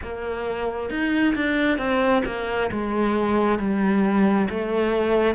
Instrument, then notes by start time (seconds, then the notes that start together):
cello
0.02 A#3
0.90 D#4
1.35 D4
1.77 C4
2.26 A#3
2.71 G#3
3.59 G3
4.49 A3